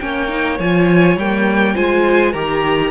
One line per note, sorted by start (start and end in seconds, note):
0.00 0.59 A#3
0.00 0.29 C#4
0.00 1.76 C#5
0.00 0.58 G5
0.29 0.58 D#4
0.59 1.17 F3
0.59 1.20 F4
0.59 1.18 G#5
1.17 1.75 G3
1.17 1.75 A#3
1.17 1.76 G5
1.75 2.35 G#3
1.75 2.34 F4
1.75 2.32 C5
1.75 2.33 G#5
2.32 2.92 D#3
2.32 2.92 G4
2.32 2.90 A#4
2.32 2.92 A#5